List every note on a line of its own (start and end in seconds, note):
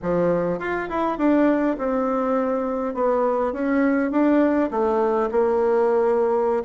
0.02 0.59 F3
0.59 0.88 F4
0.89 1.18 E4
1.18 1.76 D4
1.78 2.94 C4
2.94 3.52 B3
3.52 4.11 C#4
4.11 4.70 D4
4.70 5.29 A3
5.31 6.63 A#3